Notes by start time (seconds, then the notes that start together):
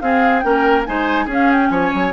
0.00 C4 G#4 F5
0.40 A#3 C#4 A#4 G5
0.86 G#3 D#4 C5 G#5
1.25 C#4 G#4
1.33 F5
1.52 G5
1.70 F3 C#5 G#5
1.93 F#3